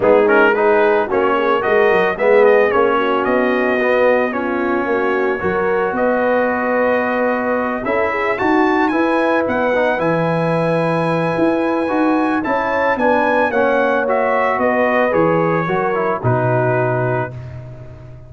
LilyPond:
<<
  \new Staff \with { instrumentName = "trumpet" } { \time 4/4 \tempo 4 = 111 gis'8 ais'8 b'4 cis''4 dis''4 | e''8 dis''8 cis''4 dis''2 | cis''2. dis''4~ | dis''2~ dis''8 e''4 a''8~ |
a''8 gis''4 fis''4 gis''4.~ | gis''2. a''4 | gis''4 fis''4 e''4 dis''4 | cis''2 b'2 | }
  \new Staff \with { instrumentName = "horn" } { \time 4/4 dis'4 gis'4 fis'8 gis'8 ais'4 | gis'4. fis'2~ fis'8 | f'4 fis'4 ais'4 b'4~ | b'2~ b'8 a'8 gis'8 fis'8~ |
fis'8 b'2.~ b'8~ | b'2. cis''4 | b'4 cis''2 b'4~ | b'4 ais'4 fis'2 | }
  \new Staff \with { instrumentName = "trombone" } { \time 4/4 b8 cis'8 dis'4 cis'4 fis'4 | b4 cis'2 b4 | cis'2 fis'2~ | fis'2~ fis'8 e'4 fis'8~ |
fis'8 e'4. dis'8 e'4.~ | e'2 fis'4 e'4 | d'4 cis'4 fis'2 | gis'4 fis'8 e'8 dis'2 | }
  \new Staff \with { instrumentName = "tuba" } { \time 4/4 gis2 ais4 gis8 fis8 | gis4 ais4 b2~ | b4 ais4 fis4 b4~ | b2~ b8 cis'4 dis'8~ |
dis'8 e'4 b4 e4.~ | e4 e'4 dis'4 cis'4 | b4 ais2 b4 | e4 fis4 b,2 | }
>>